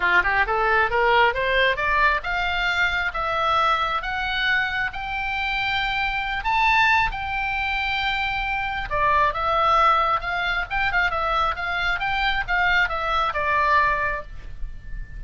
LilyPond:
\new Staff \with { instrumentName = "oboe" } { \time 4/4 \tempo 4 = 135 f'8 g'8 a'4 ais'4 c''4 | d''4 f''2 e''4~ | e''4 fis''2 g''4~ | g''2~ g''8 a''4. |
g''1 | d''4 e''2 f''4 | g''8 f''8 e''4 f''4 g''4 | f''4 e''4 d''2 | }